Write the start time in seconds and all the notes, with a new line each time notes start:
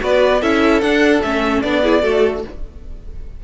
0.00 B3 F#4 B4 D5
0.41 C#4 E4 A4 E5
0.81 D4 F#5
1.22 A3 C#4 E5
1.62 B3 D4 D5
1.82 E4 G#4
2.02 A3 F#4 A4